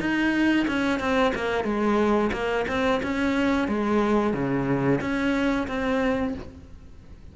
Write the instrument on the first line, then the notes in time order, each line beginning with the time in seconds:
cello
0.00 D#4
0.68 C#4
1.00 C4
1.35 A#3
1.64 G#3
2.32 A#3
2.68 C4
3.03 C#4
3.68 G#3
4.34 C#3
5.01 C#4
5.68 C4